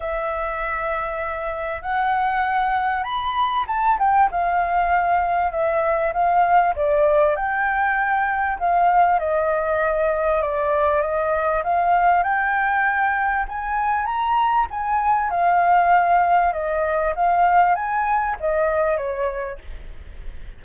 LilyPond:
\new Staff \with { instrumentName = "flute" } { \time 4/4 \tempo 4 = 98 e''2. fis''4~ | fis''4 b''4 a''8 g''8 f''4~ | f''4 e''4 f''4 d''4 | g''2 f''4 dis''4~ |
dis''4 d''4 dis''4 f''4 | g''2 gis''4 ais''4 | gis''4 f''2 dis''4 | f''4 gis''4 dis''4 cis''4 | }